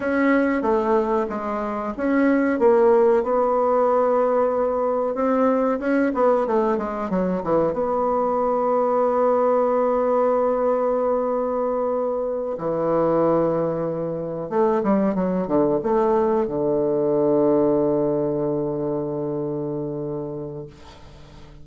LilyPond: \new Staff \with { instrumentName = "bassoon" } { \time 4/4 \tempo 4 = 93 cis'4 a4 gis4 cis'4 | ais4 b2. | c'4 cis'8 b8 a8 gis8 fis8 e8 | b1~ |
b2.~ b8 e8~ | e2~ e8 a8 g8 fis8 | d8 a4 d2~ d8~ | d1 | }